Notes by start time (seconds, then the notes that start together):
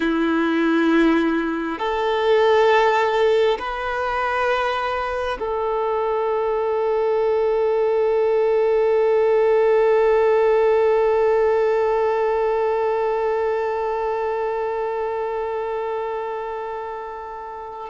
0.00 E4
1.78 A4
3.58 B4
5.39 A4